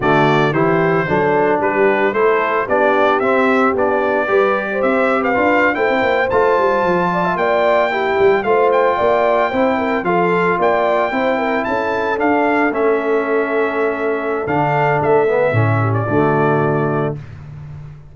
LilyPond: <<
  \new Staff \with { instrumentName = "trumpet" } { \time 4/4 \tempo 4 = 112 d''4 c''2 b'4 | c''4 d''4 e''4 d''4~ | d''4 e''8. f''4 g''4 a''16~ | a''4.~ a''16 g''2 f''16~ |
f''16 g''2~ g''8 f''4 g''16~ | g''4.~ g''16 a''4 f''4 e''16~ | e''2. f''4 | e''4.~ e''16 d''2~ d''16 | }
  \new Staff \with { instrumentName = "horn" } { \time 4/4 fis'4 g'4 a'4 g'4 | a'4 g'2. | b'8. c''4 b'4 c''4~ c''16~ | c''4~ c''16 d''16 e''16 d''4 g'4 c''16~ |
c''8. d''4 c''8 ais'8 a'4 d''16~ | d''8. c''8 ais'8 a'2~ a'16~ | a'1~ | a'4. g'8 fis'2 | }
  \new Staff \with { instrumentName = "trombone" } { \time 4/4 a4 e'4 d'2 | e'4 d'4 c'4 d'4 | g'2 f'8. e'4 f'16~ | f'2~ f'8. e'4 f'16~ |
f'4.~ f'16 e'4 f'4~ f'16~ | f'8. e'2 d'4 cis'16~ | cis'2. d'4~ | d'8 b8 cis'4 a2 | }
  \new Staff \with { instrumentName = "tuba" } { \time 4/4 d4 e4 fis4 g4 | a4 b4 c'4 b4 | g4 c'4 d'8. a16 c'16 ais8 a16~ | a16 g8 f4 ais4. g8 a16~ |
a8. ais4 c'4 f4 ais16~ | ais8. c'4 cis'4 d'4 a16~ | a2. d4 | a4 a,4 d2 | }
>>